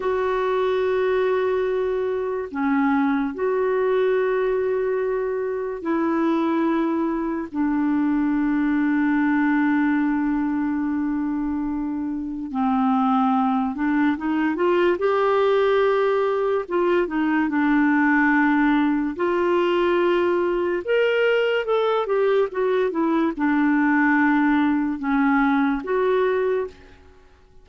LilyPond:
\new Staff \with { instrumentName = "clarinet" } { \time 4/4 \tempo 4 = 72 fis'2. cis'4 | fis'2. e'4~ | e'4 d'2.~ | d'2. c'4~ |
c'8 d'8 dis'8 f'8 g'2 | f'8 dis'8 d'2 f'4~ | f'4 ais'4 a'8 g'8 fis'8 e'8 | d'2 cis'4 fis'4 | }